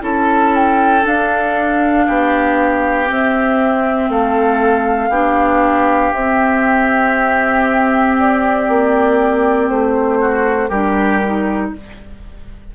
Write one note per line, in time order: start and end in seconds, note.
0.00 1.03 C#4
0.00 1.02 E4
0.00 2.06 A4
0.00 0.55 A5
0.55 1.06 G5
1.02 3.05 D4
1.02 2.07 D4
1.02 3.09 F5
2.06 3.09 B3
2.06 4.10 G4
3.06 5.09 C4
3.06 4.08 C4
3.06 4.10 E5
4.08 5.09 A3
4.08 5.09 A4
4.08 6.13 F5
5.09 6.11 B3
5.09 6.13 D4
5.09 10.18 G4
6.13 8.67 C4
6.13 10.71 C4
6.13 8.16 E5
8.18 9.69 D5
8.68 9.69 A#3
9.69 10.69 A3
9.69 10.69 C5
10.20 10.69 F#4
10.69 11.71 G3
10.69 11.22 D4
10.69 11.70 G4
10.69 11.70 A#4
11.24 11.75 D#4